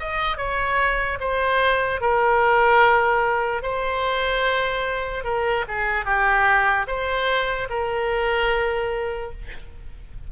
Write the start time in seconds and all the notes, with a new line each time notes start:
0.00 D#5
0.38 C#5
1.21 C5
2.01 A#4
3.63 C5
5.24 A#4
5.68 G#4
6.06 G4
6.87 C5
7.70 A#4